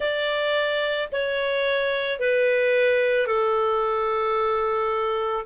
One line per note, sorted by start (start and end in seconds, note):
0.00 1.09 D5
1.12 2.19 C#5
2.19 3.27 B4
3.27 5.45 A4